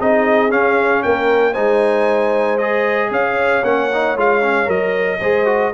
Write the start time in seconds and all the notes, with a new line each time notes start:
0.00 C4 D#4 G#4 D#5
0.50 C#4 F5
1.03 A#3 A#4 G5
1.53 G#3 D#4 C5 G#5
2.58 G#4 D#5
3.11 C#4 C#5 F5
3.64 A#3 C#4 F#5
3.94 D#4
4.16 G#3 F4 F5
4.42 C#4
4.66 F#3 A#4 D#5
5.20 G#3 G#4 C5
5.46 F#4